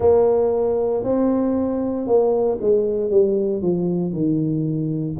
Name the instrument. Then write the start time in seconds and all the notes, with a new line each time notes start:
tuba
0.00 A#3
1.03 C4
2.06 A#3
2.61 G#3
3.10 G3
3.62 F3
4.12 D#3